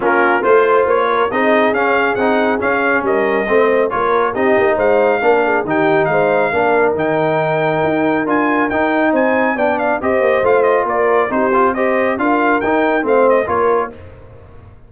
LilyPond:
<<
  \new Staff \with { instrumentName = "trumpet" } { \time 4/4 \tempo 4 = 138 ais'4 c''4 cis''4 dis''4 | f''4 fis''4 f''4 dis''4~ | dis''4 cis''4 dis''4 f''4~ | f''4 g''4 f''2 |
g''2. gis''4 | g''4 gis''4 g''8 f''8 dis''4 | f''8 dis''8 d''4 c''4 dis''4 | f''4 g''4 f''8 dis''8 cis''4 | }
  \new Staff \with { instrumentName = "horn" } { \time 4/4 f'4 c''4. ais'8 gis'4~ | gis'2. ais'4 | c''4 ais'4 g'4 c''4 | ais'8 gis'8 g'4 c''4 ais'4~ |
ais'1~ | ais'4 c''4 d''4 c''4~ | c''4 ais'4 g'4 c''4 | ais'2 c''4 ais'4 | }
  \new Staff \with { instrumentName = "trombone" } { \time 4/4 cis'4 f'2 dis'4 | cis'4 dis'4 cis'2 | c'4 f'4 dis'2 | d'4 dis'2 d'4 |
dis'2. f'4 | dis'2 d'4 g'4 | f'2 dis'8 f'8 g'4 | f'4 dis'4 c'4 f'4 | }
  \new Staff \with { instrumentName = "tuba" } { \time 4/4 ais4 a4 ais4 c'4 | cis'4 c'4 cis'4 g4 | a4 ais4 c'8 ais8 gis4 | ais4 dis4 gis4 ais4 |
dis2 dis'4 d'4 | dis'4 c'4 b4 c'8 ais8 | a4 ais4 c'2 | d'4 dis'4 a4 ais4 | }
>>